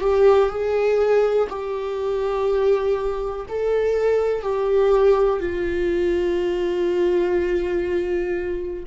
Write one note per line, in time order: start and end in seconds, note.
0.00 0.49 G4
0.49 1.48 G#4
1.49 3.46 G4
3.49 4.42 A4
4.42 5.40 G4
5.40 8.84 F4